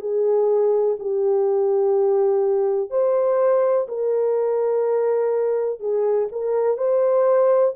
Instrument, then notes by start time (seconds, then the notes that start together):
horn
0.00 G#4
0.99 G4
2.90 C5
3.88 A#4
5.79 G#4
6.32 A#4
6.77 C5